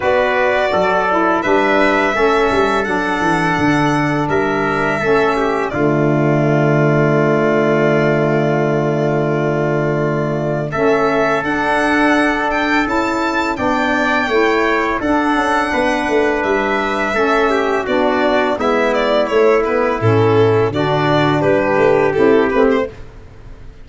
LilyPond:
<<
  \new Staff \with { instrumentName = "violin" } { \time 4/4 \tempo 4 = 84 d''2 e''2 | fis''2 e''2 | d''1~ | d''2. e''4 |
fis''4. g''8 a''4 g''4~ | g''4 fis''2 e''4~ | e''4 d''4 e''8 d''8 cis''8 b'8 | a'4 d''4 b'4 a'8 b'16 c''16 | }
  \new Staff \with { instrumentName = "trumpet" } { \time 4/4 b'4 a'4 b'4 a'4~ | a'2 ais'4 a'8 g'8 | f'1~ | f'2. a'4~ |
a'2. d''4 | cis''4 a'4 b'2 | a'8 g'8 fis'4 e'2~ | e'4 fis'4 g'2 | }
  \new Staff \with { instrumentName = "saxophone" } { \time 4/4 fis'4. e'8 d'4 cis'4 | d'2. cis'4 | a1~ | a2. cis'4 |
d'2 e'4 d'4 | e'4 d'2. | cis'4 d'4 b4 a8 b8 | cis'4 d'2 e'8 c'8 | }
  \new Staff \with { instrumentName = "tuba" } { \time 4/4 b4 fis4 g4 a8 g8 | fis8 e8 d4 g4 a4 | d1~ | d2. a4 |
d'2 cis'4 b4 | a4 d'8 cis'8 b8 a8 g4 | a4 b4 gis4 a4 | a,4 d4 g8 a8 c'8 a8 | }
>>